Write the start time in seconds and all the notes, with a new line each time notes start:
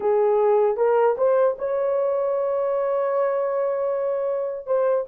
0.00 G#4
0.77 A#4
1.17 C5
1.58 C#5
4.66 C5